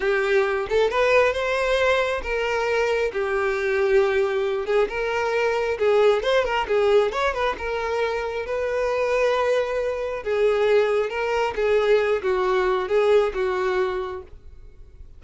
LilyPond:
\new Staff \with { instrumentName = "violin" } { \time 4/4 \tempo 4 = 135 g'4. a'8 b'4 c''4~ | c''4 ais'2 g'4~ | g'2~ g'8 gis'8 ais'4~ | ais'4 gis'4 c''8 ais'8 gis'4 |
cis''8 b'8 ais'2 b'4~ | b'2. gis'4~ | gis'4 ais'4 gis'4. fis'8~ | fis'4 gis'4 fis'2 | }